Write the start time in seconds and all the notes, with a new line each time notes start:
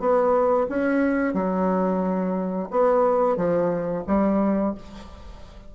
0.00 B3
0.70 C#4
1.34 F#3
2.71 B3
3.37 F3
4.08 G3